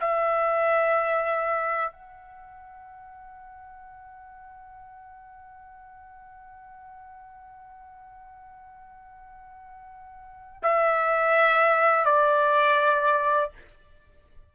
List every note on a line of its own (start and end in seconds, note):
0.00 1.92 E5
1.92 10.62 F#5
10.62 12.05 E5
12.05 13.50 D5